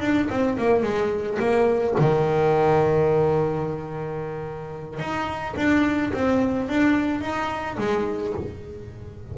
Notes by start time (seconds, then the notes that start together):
0.00 D4
0.29 C4
0.58 A#3
0.82 G#3
1.39 A#3
1.99 D#3
4.99 D#4
5.56 D4
6.13 C4
6.68 D4
7.21 D#4
7.78 G#3